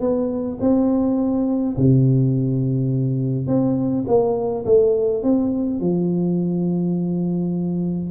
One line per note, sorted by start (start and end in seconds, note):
0.00 0.58 B3
0.60 1.76 C4
1.77 3.47 C3
3.47 4.04 C4
4.07 4.65 A#3
4.65 5.23 A3
5.23 5.80 C4
5.80 8.10 F3